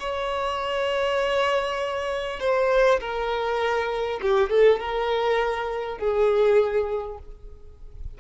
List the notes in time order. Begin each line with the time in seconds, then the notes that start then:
0.00 C#5
2.40 C5
3.00 A#4
4.22 G4
4.50 A4
4.80 A#4
5.98 G#4